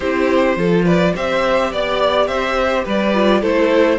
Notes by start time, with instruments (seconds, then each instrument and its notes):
0.00 cello C4, viola E4, violin G4 C5
0.56 cello F3, viola F4, violin A4
0.85 violin B4 D5
1.14 cello C4, viola G4, violin C5 E5
1.71 cello B3, violin D5
2.27 cello C4, violin C5 E5
2.84 cello G3, violin B4 D5
3.14 viola F4
3.40 cello A3, viola E4, violin A4 C5